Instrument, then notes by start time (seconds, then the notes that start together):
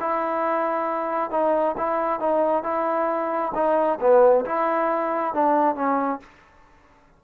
trombone
0.00 E4
1.31 D#4
1.77 E4
2.20 D#4
2.63 E4
3.55 D#4
4.00 B3
4.45 E4
5.34 D4
5.75 C#4